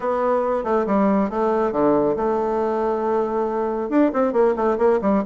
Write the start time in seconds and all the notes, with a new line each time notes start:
0.00 B3
0.63 A3
0.86 G3
1.30 A3
1.72 D3
2.16 A3
3.89 D4
4.13 C4
4.33 A#3
4.56 A3
4.78 A#3
5.01 G3